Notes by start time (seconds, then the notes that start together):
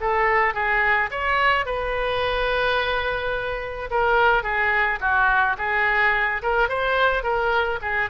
0.00 A4
0.54 G#4
1.10 C#5
1.65 B4
3.90 A#4
4.43 G#4
5.00 F#4
5.57 G#4
6.42 A#4
6.68 C5
7.23 A#4
7.81 G#4